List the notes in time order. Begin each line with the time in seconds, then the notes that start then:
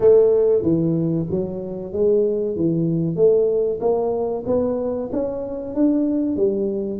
0.00 A3
0.62 E3
1.30 F#3
1.92 G#3
2.55 E3
3.15 A3
3.80 A#3
4.46 B3
5.12 C#4
5.74 D4
6.36 G3